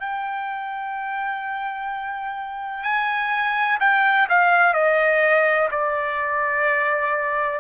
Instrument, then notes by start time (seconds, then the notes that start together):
trumpet
0.00 G5
2.84 G#5
3.80 G5
4.29 F5
4.74 D#5
5.71 D5